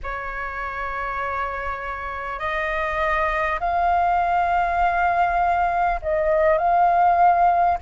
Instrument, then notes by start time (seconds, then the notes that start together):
flute
0.03 C#5
2.39 D#5
3.59 F5
6.02 D#5
6.57 F5